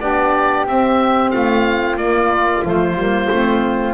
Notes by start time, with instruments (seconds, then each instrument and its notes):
0.00 double bass B3, saxophone D4, flute G4, oboe D5
0.66 double bass C4, saxophone C4, oboe E5
1.31 double bass A3, flute F4, oboe F5
1.96 double bass A#3, saxophone A#3, oboe D5
2.63 double bass F3, saxophone A3, oboe C5
2.95 double bass G3, saxophone A#3
3.31 double bass A3, saxophone C4